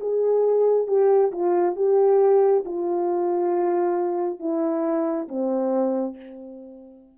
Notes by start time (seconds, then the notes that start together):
0.00 G#4
0.87 G4
1.32 F4
1.76 G4
2.65 F4
4.40 E4
5.28 C4